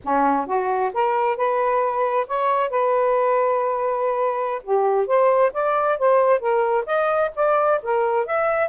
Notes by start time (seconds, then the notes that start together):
0.04 C#4
0.46 F#4
0.93 A#4
1.36 B4
2.27 C#5
2.70 B4
4.63 G4
5.06 C5
5.53 D5
5.98 C5
6.39 A#4
6.86 D#5
7.35 D5
7.82 A#4
8.26 E5